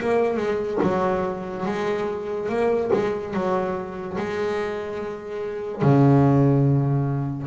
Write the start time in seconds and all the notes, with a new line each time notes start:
0.00 A#3
0.37 G#3
0.82 F#3
1.66 G#3
2.49 A#3
2.93 G#3
3.33 F#3
4.17 G#3
5.82 C#3